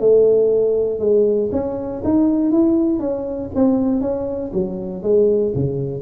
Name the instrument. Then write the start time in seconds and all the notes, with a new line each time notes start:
tuba
0.00 A3
1.00 G#3
1.52 C#4
2.05 D#4
2.52 E4
3.00 C#4
3.55 C4
4.02 C#4
4.53 F#3
5.03 G#3
5.55 C#3